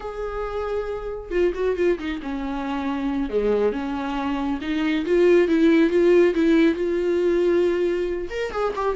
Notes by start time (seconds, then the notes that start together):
0.00 G#4
1.31 F4
1.54 F#4
1.76 F4
1.98 D#4
2.22 C#4
3.29 G#3
3.72 C#4
4.61 D#4
5.05 F4
5.47 E4
5.90 F4
6.34 E4
6.74 F4
8.30 A#4
8.51 G#4
8.75 G4